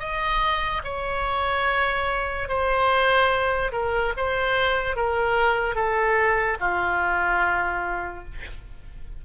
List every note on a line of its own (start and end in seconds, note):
0.00 0.82 D#5
0.84 2.49 C#5
2.49 3.72 C5
3.72 4.14 A#4
4.17 4.97 C5
4.97 5.76 A#4
5.76 6.58 A4
6.61 8.25 F4